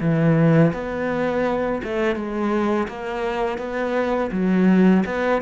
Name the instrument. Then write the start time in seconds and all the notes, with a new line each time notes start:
cello
0.00 E3
0.73 B3
1.83 A3
2.15 G#3
2.88 A#3
3.58 B3
4.31 F#3
5.05 B3